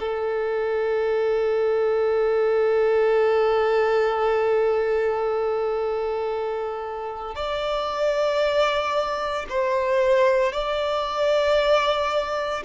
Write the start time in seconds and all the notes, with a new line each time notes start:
0.00 A4
7.36 D5
9.50 C5
10.53 D5